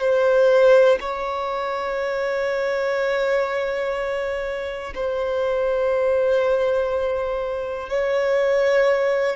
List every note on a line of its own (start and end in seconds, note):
0.00 0.98 C5
1.00 4.94 C#5
4.95 7.90 C5
7.90 9.36 C#5